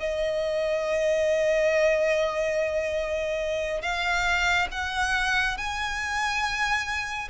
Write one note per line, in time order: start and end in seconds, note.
0.00 3.82 D#5
3.82 4.68 F5
4.72 5.58 F#5
5.58 7.29 G#5